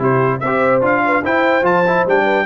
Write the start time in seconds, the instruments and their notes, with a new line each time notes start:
0.00 tuba C3, trombone E4, horn G4, trumpet C5
0.40 tuba C4, horn C5, trumpet E5
0.46 trombone G4
0.82 tuba D4, trombone F4, trumpet F5
1.06 horn B4
1.24 tuba E4, trombone E4, horn C5, trumpet G5
1.63 tuba F3, trombone F4, trumpet A5
1.88 trombone E4
2.07 tuba G3, trombone D4, trumpet G5
2.25 horn B4